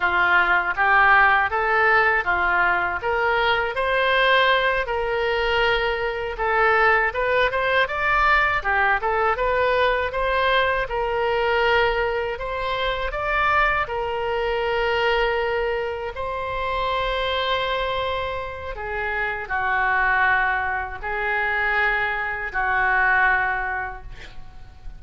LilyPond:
\new Staff \with { instrumentName = "oboe" } { \time 4/4 \tempo 4 = 80 f'4 g'4 a'4 f'4 | ais'4 c''4. ais'4.~ | ais'8 a'4 b'8 c''8 d''4 g'8 | a'8 b'4 c''4 ais'4.~ |
ais'8 c''4 d''4 ais'4.~ | ais'4. c''2~ c''8~ | c''4 gis'4 fis'2 | gis'2 fis'2 | }